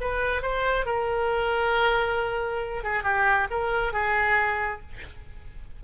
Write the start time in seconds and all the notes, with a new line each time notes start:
0.00 B4
0.42 C5
0.85 A#4
2.83 G#4
3.03 G4
3.50 A#4
3.92 G#4